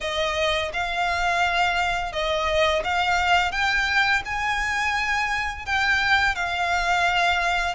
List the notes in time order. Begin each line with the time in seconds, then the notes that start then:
0.01 D#5
0.73 F5
2.12 D#5
2.84 F5
3.51 G5
4.25 G#5
5.65 G5
6.35 F5